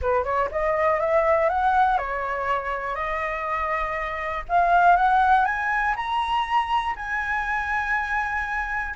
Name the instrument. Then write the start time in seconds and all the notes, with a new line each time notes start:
flute
0.01 B4
0.24 C#5
0.51 D#5
0.99 E5
1.49 F#5
1.97 C#5
2.95 D#5
4.48 F5
4.96 F#5
5.45 G#5
5.95 A#5
6.96 G#5